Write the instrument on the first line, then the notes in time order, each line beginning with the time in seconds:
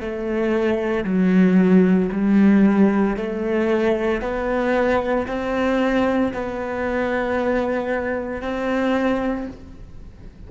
cello
0.00 A3
1.04 F#3
2.11 G3
3.16 A3
4.21 B3
5.27 C4
6.33 B3
8.41 C4